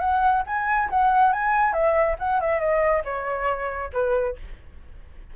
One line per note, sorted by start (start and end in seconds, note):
0.00 0.43 F#5
0.47 0.89 G#5
0.90 1.33 F#5
1.33 1.73 G#5
1.73 2.16 E5
2.19 2.40 F#5
2.41 2.60 E5
2.60 3.03 D#5
3.04 3.90 C#5
3.93 4.36 B4